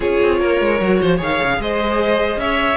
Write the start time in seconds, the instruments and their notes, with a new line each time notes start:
0.00 cello C#4, viola F4, violin G#4 C#5
0.22 cello C4
0.39 cello A#3, violin A#4
0.60 cello G#3
0.81 cello F#3, viola F#4
1.01 cello F3, violin C5
1.17 cello D#3, viola G#4, violin C#5 F5
1.42 cello C#3
1.58 cello G#3, violin C5 D#5
2.36 cello C#4, violin C#5 E5